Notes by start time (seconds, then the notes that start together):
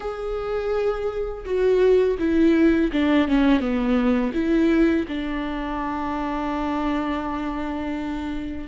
0.00 G#4
1.45 F#4
2.19 E4
2.92 D4
3.28 C#4
3.60 B3
4.33 E4
5.08 D4